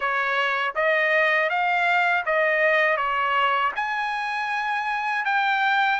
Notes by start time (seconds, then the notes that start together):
0.00 C#5
0.75 D#5
1.49 F5
2.25 D#5
2.97 C#5
3.75 G#5
5.25 G5